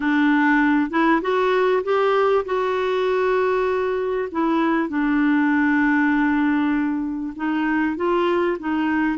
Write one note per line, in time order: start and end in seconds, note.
0.00 0.90 D4
0.90 1.21 E4
1.21 1.82 F#4
1.83 2.44 G4
2.45 4.29 F#4
4.31 4.88 E4
4.88 7.33 D4
7.36 7.96 D#4
7.96 8.57 F4
8.59 9.18 D#4